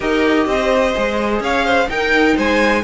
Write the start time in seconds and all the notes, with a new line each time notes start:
0.00 D#4 G4 A#4 D#5
0.46 C4 C5
0.94 G#3 G#4
1.39 C#4 C#5 F5
1.64 C5
1.89 D#4 A#4 G5
2.35 G#3 C5 G#5